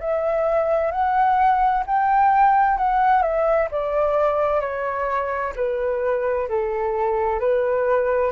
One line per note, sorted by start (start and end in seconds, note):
0.00 0.91 E5
0.91 1.84 F#5
1.87 2.77 G5
2.77 3.22 F#5
3.22 3.68 E5
3.71 4.61 D5
4.61 5.53 C#5
5.56 6.48 B4
6.49 7.40 A4
7.40 8.32 B4